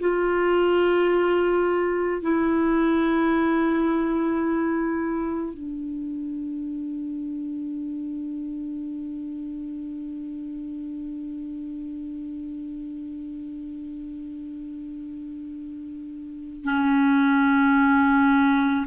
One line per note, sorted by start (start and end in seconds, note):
0.00 2.22 F4
2.22 5.54 E4
5.54 16.64 D4
16.64 18.86 C#4